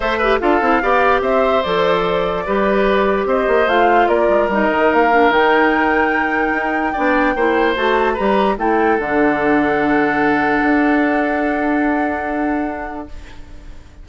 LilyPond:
<<
  \new Staff \with { instrumentName = "flute" } { \time 4/4 \tempo 4 = 147 e''4 f''2 e''4 | d''1 | dis''4 f''4 d''4 dis''4 | f''4 g''2.~ |
g''2. a''4 | ais''4 g''4 fis''2~ | fis''1~ | fis''1 | }
  \new Staff \with { instrumentName = "oboe" } { \time 4/4 c''8 b'8 a'4 d''4 c''4~ | c''2 b'2 | c''2 ais'2~ | ais'1~ |
ais'4 d''4 c''2 | b'4 a'2.~ | a'1~ | a'1 | }
  \new Staff \with { instrumentName = "clarinet" } { \time 4/4 a'8 g'8 f'8 e'8 g'2 | a'2 g'2~ | g'4 f'2 dis'4~ | dis'8 d'8 dis'2.~ |
dis'4 d'4 e'4 fis'4 | g'4 e'4 d'2~ | d'1~ | d'1 | }
  \new Staff \with { instrumentName = "bassoon" } { \time 4/4 a4 d'8 c'8 b4 c'4 | f2 g2 | c'8 ais8 a4 ais8 gis8 g8 dis8 | ais4 dis2. |
dis'4 b4 ais4 a4 | g4 a4 d2~ | d2 d'2~ | d'1 | }
>>